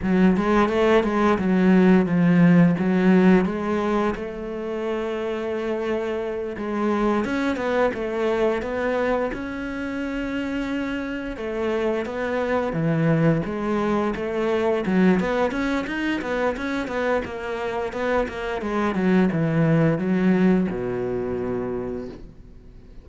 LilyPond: \new Staff \with { instrumentName = "cello" } { \time 4/4 \tempo 4 = 87 fis8 gis8 a8 gis8 fis4 f4 | fis4 gis4 a2~ | a4. gis4 cis'8 b8 a8~ | a8 b4 cis'2~ cis'8~ |
cis'8 a4 b4 e4 gis8~ | gis8 a4 fis8 b8 cis'8 dis'8 b8 | cis'8 b8 ais4 b8 ais8 gis8 fis8 | e4 fis4 b,2 | }